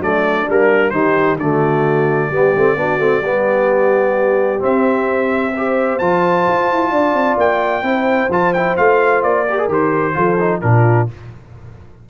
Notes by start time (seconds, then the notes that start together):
0.00 F#3 A3 D4 D5
0.48 G3 A#3 A#4
0.90 D#3 D#4 G4 C5
1.37 D3 A3 F#4 D5
2.31 G3 B3 G4
2.56 A3 C4
2.76 B3 D4 F#4
2.99 A3 C4
3.21 G3 B3 G4
4.59 C4 E5
5.55 G4 C5
5.99 F3 F4 A5
6.48 F4
6.71 E4
6.91 D4 D5
7.14 C4
7.37 A#3 G5
7.83 C4 E4 C5
8.30 F3 F4 A5
8.54 E4 G5
8.77 A3 F4 F5
9.23 A#3 D5
9.49 G4 A#4
9.59 G#4
9.69 D#3 G4 C5
10.14 F3 F4 A4
10.40 D#4
10.61 A#2 D4 F4 A#4